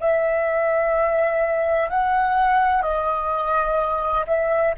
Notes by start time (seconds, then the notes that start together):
0.00 E5
1.90 F#5
2.82 D#5
4.26 E5